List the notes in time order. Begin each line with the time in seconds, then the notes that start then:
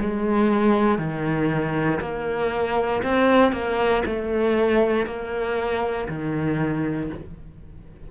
0.00 G#3
0.98 D#3
2.01 A#3
3.03 C4
3.52 A#3
4.06 A3
5.06 A#3
6.09 D#3